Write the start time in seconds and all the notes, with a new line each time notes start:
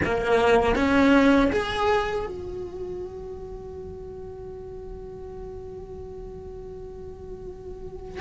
0.04 A#3
0.75 C#4
1.51 G#4
2.26 F#4